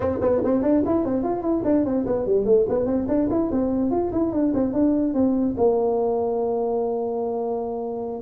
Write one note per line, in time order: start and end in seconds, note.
0.00 0.18 C4
0.21 0.41 B3
0.44 0.62 C4
0.62 0.83 D4
0.85 1.05 E4
1.05 1.23 C4
1.23 1.42 F4
1.42 1.62 E4
1.64 1.85 D4
1.85 2.05 C4
2.05 2.26 B3
2.26 2.45 G3
2.45 2.65 A3
2.68 2.86 B3
2.86 3.06 C4
3.08 3.28 D4
3.30 3.50 E4
3.51 3.90 C4
3.90 4.11 F4
4.12 4.32 E4
4.32 4.53 D4
4.53 4.73 C4
4.73 5.14 D4
5.14 5.55 C4
5.57 8.22 A#3